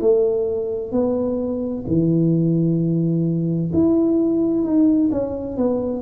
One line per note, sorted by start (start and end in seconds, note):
0.00 0.91 A3
0.91 1.84 B3
1.87 3.71 E3
3.73 4.64 E4
4.64 5.10 D#4
5.11 5.57 C#4
5.57 6.02 B3